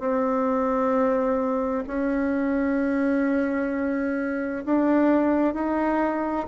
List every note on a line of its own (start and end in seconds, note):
0.00 1.85 C4
1.88 4.65 C#4
4.66 5.55 D4
5.55 6.47 D#4